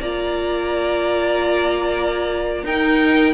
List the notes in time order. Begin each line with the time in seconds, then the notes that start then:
0.00 A#3 F4 D5 A#5
2.64 D#4 A#4 G5